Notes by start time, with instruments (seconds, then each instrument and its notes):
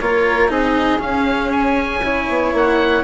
0.00 bassoon A#3, cello F4, flute A#4, oboe C#5
0.48 bassoon C4, cello D#4, flute G#4, oboe D#5
0.99 cello C#4, bassoon C#4, oboe F5
1.52 oboe G#5
2.03 cello E4, flute C#5
2.29 bassoon B3
2.53 bassoon A#3, oboe F#5